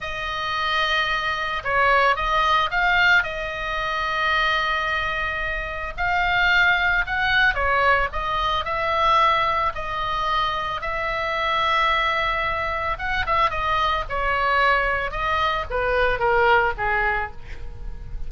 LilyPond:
\new Staff \with { instrumentName = "oboe" } { \time 4/4 \tempo 4 = 111 dis''2. cis''4 | dis''4 f''4 dis''2~ | dis''2. f''4~ | f''4 fis''4 cis''4 dis''4 |
e''2 dis''2 | e''1 | fis''8 e''8 dis''4 cis''2 | dis''4 b'4 ais'4 gis'4 | }